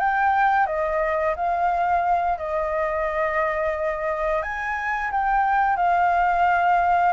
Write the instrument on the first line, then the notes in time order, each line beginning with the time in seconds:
flute
0.00 G5
0.67 D#5
1.36 F5
2.39 D#5
4.43 G#5
5.11 G5
5.77 F5